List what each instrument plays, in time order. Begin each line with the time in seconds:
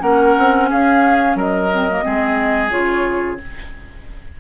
0.00 bassoon A#3, clarinet C#4, oboe A#4, flute F#5
0.38 bassoon C4
0.70 bassoon C#4, oboe G#4, flute F5
1.36 bassoon F#3, oboe A#4, flute D#5
1.72 clarinet C4
1.90 clarinet A#3
2.03 bassoon G#3, clarinet C4, oboe G#4
2.70 bassoon C#3, clarinet F4, flute C#5